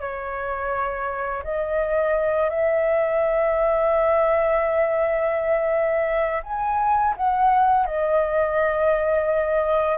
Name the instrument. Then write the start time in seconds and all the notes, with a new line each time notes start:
flute
0.00 C#5
1.43 D#5
2.49 E5
6.43 G#5
7.17 F#5
7.86 D#5